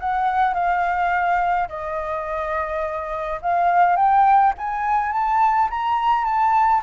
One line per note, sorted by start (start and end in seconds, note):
0.00 0.54 F#5
0.54 1.68 F5
1.69 3.40 D#5
3.42 3.96 F5
3.96 4.54 G5
4.58 5.12 G#5
5.12 5.69 A5
5.71 6.25 A#5
6.25 6.82 A5